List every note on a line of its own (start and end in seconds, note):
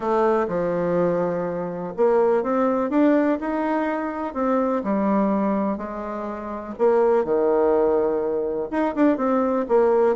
0.00 0.46 A3
0.48 1.93 F3
1.96 2.43 A#3
2.43 2.89 C4
2.89 3.38 D4
3.40 4.34 D#4
4.34 4.82 C4
4.83 5.77 G3
5.77 6.74 G#3
6.78 7.24 A#3
7.24 8.69 D#3
8.70 8.94 D#4
8.95 9.17 D4
9.17 9.65 C4
9.68 10.15 A#3